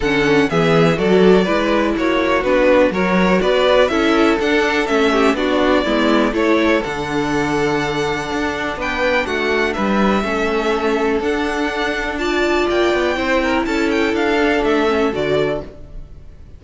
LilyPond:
<<
  \new Staff \with { instrumentName = "violin" } { \time 4/4 \tempo 4 = 123 fis''4 e''4 d''2 | cis''4 b'4 cis''4 d''4 | e''4 fis''4 e''4 d''4~ | d''4 cis''4 fis''2~ |
fis''2 g''4 fis''4 | e''2. fis''4~ | fis''4 a''4 g''2 | a''8 g''8 f''4 e''4 d''4 | }
  \new Staff \with { instrumentName = "violin" } { \time 4/4 a'4 gis'4 a'4 b'4 | fis'2 ais'4 b'4 | a'2~ a'8 g'8 fis'4 | e'4 a'2.~ |
a'2 b'4 fis'4 | b'4 a'2.~ | a'4 d''2 c''8 ais'8 | a'1 | }
  \new Staff \with { instrumentName = "viola" } { \time 4/4 cis'4 b4 fis'4 e'4~ | e'4 d'4 fis'2 | e'4 d'4 cis'4 d'4 | b4 e'4 d'2~ |
d'1~ | d'4 cis'2 d'4~ | d'4 f'2 e'4~ | e'4. d'4 cis'8 fis'4 | }
  \new Staff \with { instrumentName = "cello" } { \time 4/4 d4 e4 fis4 gis4 | ais4 b4 fis4 b4 | cis'4 d'4 a4 b4 | gis4 a4 d2~ |
d4 d'4 b4 a4 | g4 a2 d'4~ | d'2 ais8 b8 c'4 | cis'4 d'4 a4 d4 | }
>>